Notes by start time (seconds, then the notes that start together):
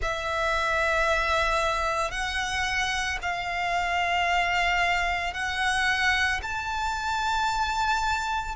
0.02 E5
2.11 F#5
3.21 F5
5.33 F#5
6.42 A5